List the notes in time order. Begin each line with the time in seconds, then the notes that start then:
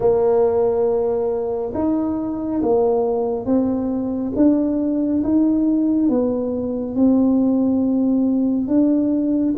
0.00 A#3
1.74 D#4
2.62 A#3
3.45 C4
4.36 D4
5.23 D#4
6.09 B3
6.95 C4
8.67 D4